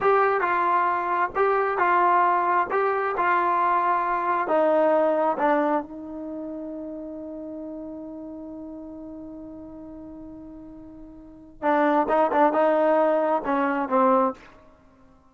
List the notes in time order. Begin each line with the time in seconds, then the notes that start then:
0.00 G4
0.40 F4
1.35 G4
1.77 F4
2.70 G4
3.17 F4
4.47 D#4
5.38 D4
5.82 D#4
11.62 D4
12.08 D#4
12.32 D4
12.52 D#4
13.45 C#4
13.88 C4